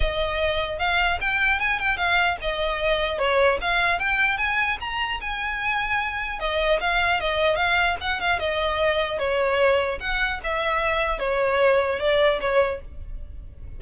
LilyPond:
\new Staff \with { instrumentName = "violin" } { \time 4/4 \tempo 4 = 150 dis''2 f''4 g''4 | gis''8 g''8 f''4 dis''2 | cis''4 f''4 g''4 gis''4 | ais''4 gis''2. |
dis''4 f''4 dis''4 f''4 | fis''8 f''8 dis''2 cis''4~ | cis''4 fis''4 e''2 | cis''2 d''4 cis''4 | }